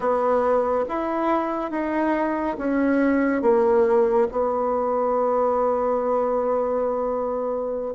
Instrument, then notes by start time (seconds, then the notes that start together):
bassoon
0.00 B3
0.88 E4
1.70 D#4
2.58 C#4
3.42 A#3
4.31 B3